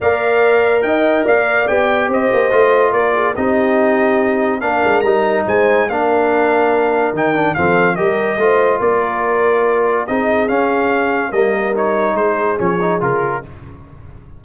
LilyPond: <<
  \new Staff \with { instrumentName = "trumpet" } { \time 4/4 \tempo 4 = 143 f''2 g''4 f''4 | g''4 dis''2 d''4 | dis''2. f''4 | ais''4 gis''4 f''2~ |
f''4 g''4 f''4 dis''4~ | dis''4 d''2. | dis''4 f''2 dis''4 | cis''4 c''4 cis''4 ais'4 | }
  \new Staff \with { instrumentName = "horn" } { \time 4/4 d''2 dis''4 d''4~ | d''4 c''2 ais'8 gis'8 | g'2. ais'4~ | ais'4 c''4 ais'2~ |
ais'2 a'4 ais'4 | c''4 ais'2. | gis'2. ais'4~ | ais'4 gis'2. | }
  \new Staff \with { instrumentName = "trombone" } { \time 4/4 ais'1 | g'2 f'2 | dis'2. d'4 | dis'2 d'2~ |
d'4 dis'8 d'8 c'4 g'4 | f'1 | dis'4 cis'2 ais4 | dis'2 cis'8 dis'8 f'4 | }
  \new Staff \with { instrumentName = "tuba" } { \time 4/4 ais2 dis'4 ais4 | b4 c'8 ais8 a4 ais4 | c'2. ais8 gis8 | g4 gis4 ais2~ |
ais4 dis4 f4 g4 | a4 ais2. | c'4 cis'2 g4~ | g4 gis4 f4 cis4 | }
>>